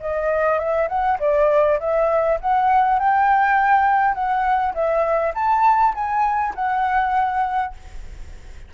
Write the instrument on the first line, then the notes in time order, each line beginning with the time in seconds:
flute
0.00 D#5
0.58 E5
0.88 F#5
1.19 D5
1.79 E5
2.40 F#5
2.98 G5
4.14 F#5
4.74 E5
5.34 A5
5.94 G#5
6.55 F#5